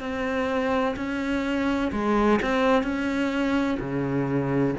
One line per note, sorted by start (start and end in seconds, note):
0.00 0.95 C4
0.96 1.91 C#4
1.92 2.40 G#3
2.42 2.83 C4
2.83 3.78 C#4
3.80 4.75 C#3